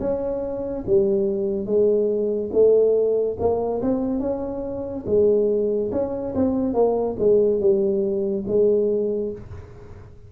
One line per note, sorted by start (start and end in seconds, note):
0.00 0.85 C#4
0.87 1.66 G3
1.66 2.50 G#3
2.53 3.37 A3
3.39 3.81 A#3
3.82 4.20 C4
4.20 5.04 C#4
5.06 5.91 G#3
5.92 6.34 C#4
6.35 6.74 C4
6.74 7.16 A#3
7.19 7.60 G#3
7.60 8.45 G3
8.47 9.32 G#3